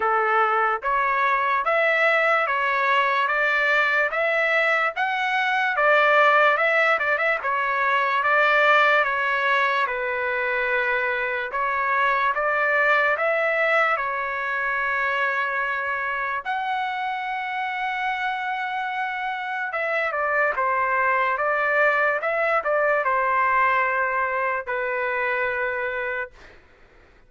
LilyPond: \new Staff \with { instrumentName = "trumpet" } { \time 4/4 \tempo 4 = 73 a'4 cis''4 e''4 cis''4 | d''4 e''4 fis''4 d''4 | e''8 d''16 e''16 cis''4 d''4 cis''4 | b'2 cis''4 d''4 |
e''4 cis''2. | fis''1 | e''8 d''8 c''4 d''4 e''8 d''8 | c''2 b'2 | }